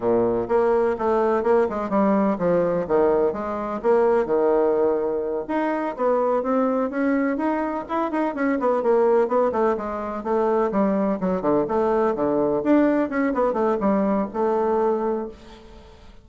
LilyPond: \new Staff \with { instrumentName = "bassoon" } { \time 4/4 \tempo 4 = 126 ais,4 ais4 a4 ais8 gis8 | g4 f4 dis4 gis4 | ais4 dis2~ dis8 dis'8~ | dis'8 b4 c'4 cis'4 dis'8~ |
dis'8 e'8 dis'8 cis'8 b8 ais4 b8 | a8 gis4 a4 g4 fis8 | d8 a4 d4 d'4 cis'8 | b8 a8 g4 a2 | }